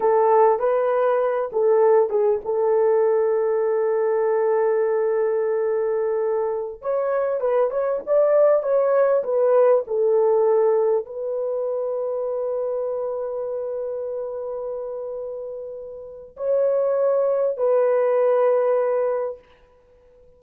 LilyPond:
\new Staff \with { instrumentName = "horn" } { \time 4/4 \tempo 4 = 99 a'4 b'4. a'4 gis'8 | a'1~ | a'2.~ a'16 cis''8.~ | cis''16 b'8 cis''8 d''4 cis''4 b'8.~ |
b'16 a'2 b'4.~ b'16~ | b'1~ | b'2. cis''4~ | cis''4 b'2. | }